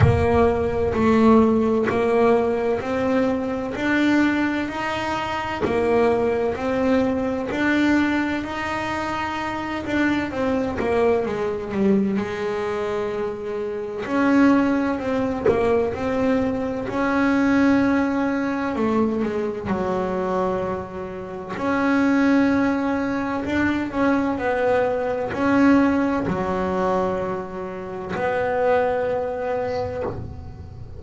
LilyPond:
\new Staff \with { instrumentName = "double bass" } { \time 4/4 \tempo 4 = 64 ais4 a4 ais4 c'4 | d'4 dis'4 ais4 c'4 | d'4 dis'4. d'8 c'8 ais8 | gis8 g8 gis2 cis'4 |
c'8 ais8 c'4 cis'2 | a8 gis8 fis2 cis'4~ | cis'4 d'8 cis'8 b4 cis'4 | fis2 b2 | }